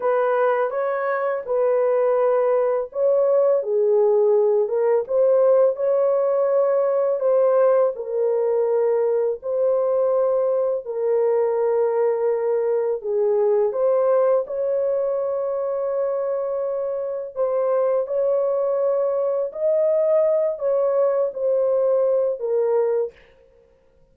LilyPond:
\new Staff \with { instrumentName = "horn" } { \time 4/4 \tempo 4 = 83 b'4 cis''4 b'2 | cis''4 gis'4. ais'8 c''4 | cis''2 c''4 ais'4~ | ais'4 c''2 ais'4~ |
ais'2 gis'4 c''4 | cis''1 | c''4 cis''2 dis''4~ | dis''8 cis''4 c''4. ais'4 | }